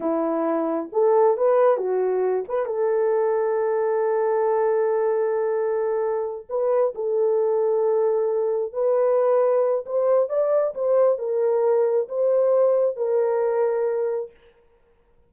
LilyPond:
\new Staff \with { instrumentName = "horn" } { \time 4/4 \tempo 4 = 134 e'2 a'4 b'4 | fis'4. b'8 a'2~ | a'1~ | a'2~ a'8 b'4 a'8~ |
a'2.~ a'8 b'8~ | b'2 c''4 d''4 | c''4 ais'2 c''4~ | c''4 ais'2. | }